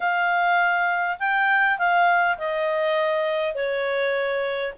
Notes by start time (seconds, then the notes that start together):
0.00 F5
1.19 G5
1.78 F5
2.38 D#5
3.55 C#5